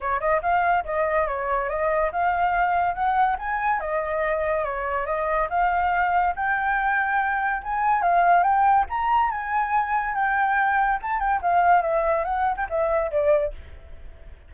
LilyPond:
\new Staff \with { instrumentName = "flute" } { \time 4/4 \tempo 4 = 142 cis''8 dis''8 f''4 dis''4 cis''4 | dis''4 f''2 fis''4 | gis''4 dis''2 cis''4 | dis''4 f''2 g''4~ |
g''2 gis''4 f''4 | g''4 ais''4 gis''2 | g''2 a''8 g''8 f''4 | e''4 fis''8. g''16 e''4 d''4 | }